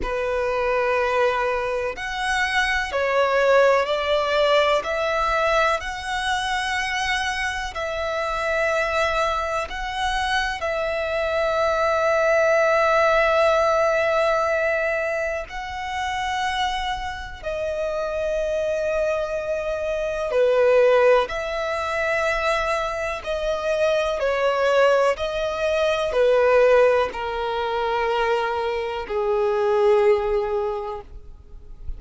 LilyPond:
\new Staff \with { instrumentName = "violin" } { \time 4/4 \tempo 4 = 62 b'2 fis''4 cis''4 | d''4 e''4 fis''2 | e''2 fis''4 e''4~ | e''1 |
fis''2 dis''2~ | dis''4 b'4 e''2 | dis''4 cis''4 dis''4 b'4 | ais'2 gis'2 | }